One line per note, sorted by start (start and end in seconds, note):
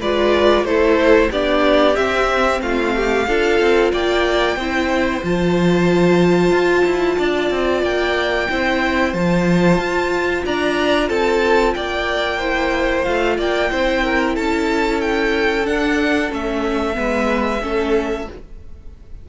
0.00 0.64 G#3
0.00 0.67 F4
0.00 0.65 B4
0.00 0.65 D5
0.64 1.29 A3
0.64 1.32 E4
0.64 1.31 A4
0.64 1.30 C5
1.31 1.97 B3
1.31 1.95 D4
1.31 2.62 G4
1.31 1.95 D5
1.95 3.25 C4
1.95 2.61 C4
1.95 2.61 E5
2.61 3.26 A3
2.61 2.95 F4
2.61 3.92 F5
2.95 3.28 G4
3.27 3.60 D4
3.27 4.58 F4
3.27 3.92 A4
3.60 3.93 C4
3.92 4.56 A#3
3.92 4.56 D5
3.92 5.24 G5
4.56 5.21 C4
4.56 5.24 E4
4.56 7.17 C5
5.23 6.51 F3
5.23 8.50 F4
5.23 7.83 A5
6.51 6.84 F4
6.85 7.18 E4
7.18 7.51 D4
7.18 8.49 D5
7.51 7.82 C4
7.82 8.48 A#3
7.82 9.14 G5
8.49 9.13 C4
8.49 9.15 E4
8.49 10.45 C5
9.13 9.78 F3
9.13 12.41 F4
9.13 10.44 A5
9.78 10.43 F4
10.46 11.10 D4
10.46 11.09 D5
10.46 11.09 A#5
11.09 11.75 C4
11.09 11.74 A4
11.09 11.74 A5
11.74 13.07 A#3
11.74 12.38 D5
11.74 13.04 G5
12.38 13.05 E4
12.38 13.36 C5
13.04 13.38 A3
13.04 13.70 F4
13.04 13.36 F5
13.37 13.71 A#3
13.37 13.69 D5
13.37 14.36 G5
13.70 14.37 C4
13.70 15.65 E4
13.70 14.03 C5
14.03 14.35 A#4
14.35 15.68 C#4
14.35 16.96 A4
14.35 15.01 A5
15.01 15.66 G5
15.65 16.29 D4
15.65 16.32 D4
15.65 16.31 F#5
16.29 16.97 A3
16.29 16.93 C#4
16.29 18.29 E5
16.93 17.62 G#3
16.93 17.59 B3
16.93 17.62 B4
17.62 18.28 A3
17.62 18.27 C#4
17.62 18.29 A4